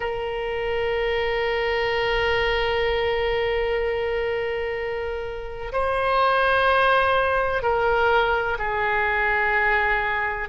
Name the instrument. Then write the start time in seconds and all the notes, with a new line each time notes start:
oboe
0.00 A#4
5.72 C5
7.62 A#4
8.58 G#4